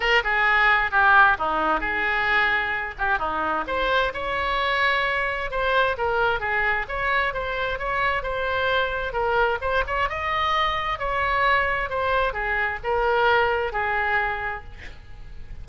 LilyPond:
\new Staff \with { instrumentName = "oboe" } { \time 4/4 \tempo 4 = 131 ais'8 gis'4. g'4 dis'4 | gis'2~ gis'8 g'8 dis'4 | c''4 cis''2. | c''4 ais'4 gis'4 cis''4 |
c''4 cis''4 c''2 | ais'4 c''8 cis''8 dis''2 | cis''2 c''4 gis'4 | ais'2 gis'2 | }